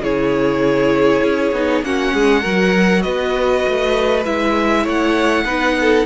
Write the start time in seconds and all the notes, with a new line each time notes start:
0.00 C#3 E4 G#4 C#5
1.23 C#4
1.52 B3 D#4
1.83 A#3 C#4 F#4 F#5
2.14 G#3 G#4
2.42 F#3 F#4 A#4
3.02 B3 B4 D#5
3.68 A3
4.25 G#3 E4 E5
4.83 A3 C#5 F#5
5.45 B3 D#4 B4
5.81 A4